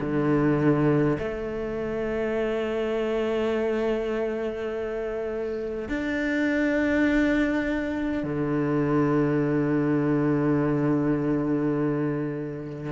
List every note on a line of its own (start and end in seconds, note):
0.00 1.18 D3
1.19 5.89 A3
5.89 8.24 D4
8.24 12.92 D3